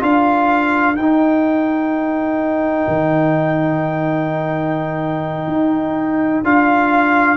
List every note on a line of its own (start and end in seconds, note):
0.00 0.96 D4
0.00 0.95 F4
0.00 7.37 A#4
0.00 0.96 F5
0.96 2.86 D#4
0.96 6.45 D#4
0.96 6.44 G5
2.88 5.47 D#3
5.47 6.43 D#4
6.44 7.37 D4
6.44 7.37 F4
6.44 7.37 F5